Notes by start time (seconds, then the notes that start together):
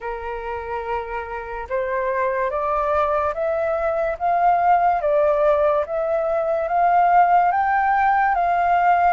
0.00 A#4
1.69 C5
2.50 D5
3.33 E5
4.18 F5
5.01 D5
5.85 E5
6.68 F5
7.51 G5
8.34 F5